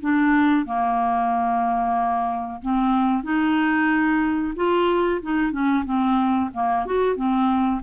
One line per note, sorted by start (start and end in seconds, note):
0.00 0.65 D4
0.66 2.61 A#3
2.61 3.23 C4
3.23 4.54 D#4
4.55 5.21 F4
5.22 5.51 D#4
5.51 5.84 C#4
5.85 6.50 C4
6.53 6.85 A#3
6.85 7.15 F#4
7.15 7.81 C4